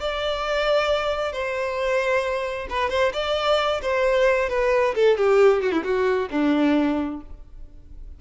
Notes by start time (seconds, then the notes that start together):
0.00 D5
1.32 C5
2.70 B4
2.90 C5
3.14 D5
3.82 C5
4.49 B4
4.95 A4
5.17 G4
5.62 F#4
5.72 E4
5.84 F#4
6.31 D4